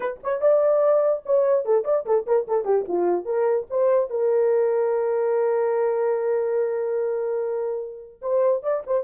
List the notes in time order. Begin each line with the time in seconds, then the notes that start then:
0.00 B4
0.23 C#5
0.41 D5
1.25 C#5
1.65 A4
1.84 D5
2.05 A4
2.26 A#4
2.47 A4
2.65 G4
2.87 F4
3.25 A#4
3.69 C5
4.10 A#4
8.21 C5
8.62 D5
8.86 C5